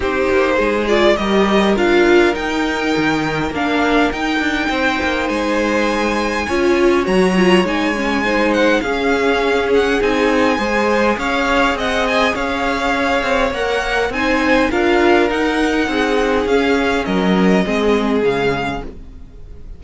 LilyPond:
<<
  \new Staff \with { instrumentName = "violin" } { \time 4/4 \tempo 4 = 102 c''4. d''8 dis''4 f''4 | g''2 f''4 g''4~ | g''4 gis''2. | ais''4 gis''4. fis''8 f''4~ |
f''8 fis''8 gis''2 f''4 | fis''8 gis''8 f''2 fis''4 | gis''4 f''4 fis''2 | f''4 dis''2 f''4 | }
  \new Staff \with { instrumentName = "violin" } { \time 4/4 g'4 gis'4 ais'2~ | ais'1 | c''2. cis''4~ | cis''2 c''4 gis'4~ |
gis'2 c''4 cis''4 | dis''4 cis''2. | c''4 ais'2 gis'4~ | gis'4 ais'4 gis'2 | }
  \new Staff \with { instrumentName = "viola" } { \time 4/4 dis'4. f'8 g'4 f'4 | dis'2 d'4 dis'4~ | dis'2. f'4 | fis'8 f'8 dis'8 cis'8 dis'4 cis'4~ |
cis'4 dis'4 gis'2~ | gis'2. ais'4 | dis'4 f'4 dis'2 | cis'2 c'4 gis4 | }
  \new Staff \with { instrumentName = "cello" } { \time 4/4 c'8 ais8 gis4 g4 d'4 | dis'4 dis4 ais4 dis'8 d'8 | c'8 ais8 gis2 cis'4 | fis4 gis2 cis'4~ |
cis'4 c'4 gis4 cis'4 | c'4 cis'4. c'8 ais4 | c'4 d'4 dis'4 c'4 | cis'4 fis4 gis4 cis4 | }
>>